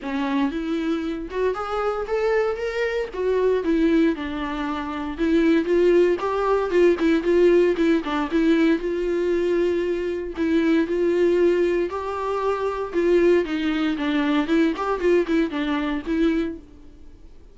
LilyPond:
\new Staff \with { instrumentName = "viola" } { \time 4/4 \tempo 4 = 116 cis'4 e'4. fis'8 gis'4 | a'4 ais'4 fis'4 e'4 | d'2 e'4 f'4 | g'4 f'8 e'8 f'4 e'8 d'8 |
e'4 f'2. | e'4 f'2 g'4~ | g'4 f'4 dis'4 d'4 | e'8 g'8 f'8 e'8 d'4 e'4 | }